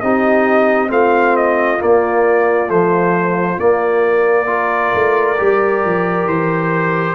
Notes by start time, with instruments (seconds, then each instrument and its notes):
0.00 tuba C4, trombone D#4, horn G4, trumpet D#5
0.88 tuba A3, trombone C4, horn F4, trumpet F5
1.36 trumpet D#5
1.78 trombone A#3, tuba A#3, trumpet D5
2.67 trombone F3, tuba A3, trumpet C5
3.58 trombone A#3, tuba A#3, trumpet D5
4.46 trombone F4, horn A#4
4.94 tuba A3
5.38 tuba G3, trombone G4
5.85 tuba F3
6.26 tuba E3, trumpet C5